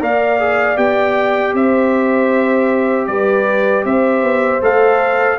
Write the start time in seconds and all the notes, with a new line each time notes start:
0.00 A#3 A#4 D5 F5
0.39 G#4
0.76 B3 G4 G5
1.54 C4 C5 E5
3.07 G3 B4 D5
3.85 C4 C5 E5
4.23 B3
4.61 A3 A4 F5